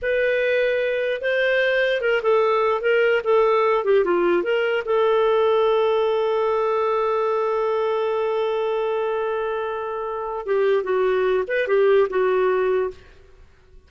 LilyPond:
\new Staff \with { instrumentName = "clarinet" } { \time 4/4 \tempo 4 = 149 b'2. c''4~ | c''4 ais'8 a'4. ais'4 | a'4. g'8 f'4 ais'4 | a'1~ |
a'1~ | a'1~ | a'2 g'4 fis'4~ | fis'8 b'8 g'4 fis'2 | }